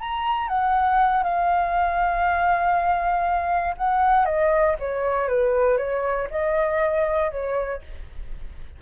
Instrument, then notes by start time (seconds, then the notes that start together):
flute
0.00 A#5
0.48 F#5
1.23 F5
3.77 F#5
4.25 D#5
4.79 C#5
5.28 B4
5.77 C#5
6.30 D#5
7.31 C#5